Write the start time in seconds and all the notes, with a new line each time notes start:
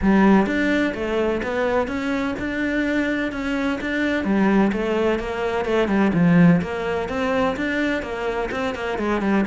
0.02 G3
0.46 D4
0.94 A3
1.42 B3
1.87 C#4
2.39 D4
3.32 C#4
3.80 D4
4.24 G3
4.72 A3
5.19 A#3
5.65 A3
5.88 G3
6.13 F3
6.61 A#3
7.08 C4
7.56 D4
8.02 A#3
8.51 C4
8.74 A#3
8.98 G#3
9.21 G3